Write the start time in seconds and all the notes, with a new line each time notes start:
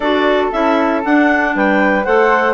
0.00 D4 F#4 A4 D5
0.51 C#4 E4 E5
1.04 D4 F#5
1.55 G3 B4 G5
2.04 A3 A4 C5 F#5